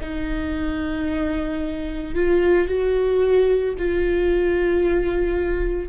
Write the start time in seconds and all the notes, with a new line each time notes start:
0.00 D#4
2.14 F4
2.67 F#4
3.78 F4